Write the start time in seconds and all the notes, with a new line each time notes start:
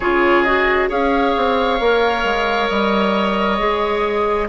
0.00 C#3 F4 G#4 C#5
0.42 F#4 D#5
0.89 C#4 G#4 C#5 F5
1.36 C4
1.79 A#3 A#4
2.23 G#3
2.68 G3 D#5
3.59 G#3 G#4